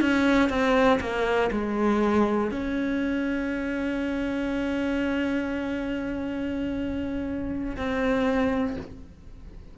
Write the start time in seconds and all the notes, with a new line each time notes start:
0.00 C#4
0.49 C4
1.00 A#3
1.51 G#3
2.50 C#4
7.76 C4